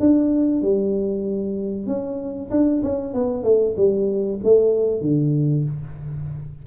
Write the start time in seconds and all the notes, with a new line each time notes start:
0.00 D4
0.62 G3
1.87 C#4
2.51 D4
2.83 C#4
3.14 B3
3.44 A3
3.77 G3
4.44 A3
5.01 D3